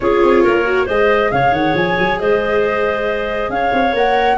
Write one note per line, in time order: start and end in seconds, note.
0.00 0.22 C#4
0.00 0.65 F4
0.00 0.43 G#4
0.00 0.87 C#5
0.23 0.44 C4
0.43 0.88 A#3
0.43 0.86 A#4
0.65 0.86 F#4
0.86 1.31 G#3
0.86 3.95 G#4
0.86 1.29 C5
0.86 1.31 D#5
1.31 1.51 C#3
1.31 2.20 C#5
1.31 1.53 F5
1.51 1.73 D#3
1.51 1.75 F#5
1.74 1.96 F3
1.74 2.19 G#5
1.99 2.21 F#3
2.19 3.49 G#3
2.19 3.52 C5
2.19 3.50 D#5
3.49 3.71 C#4
3.49 4.37 C#5
3.49 3.94 F5
3.73 3.93 C4
3.93 4.37 A#3
3.93 4.37 A#4
3.93 4.37 F#5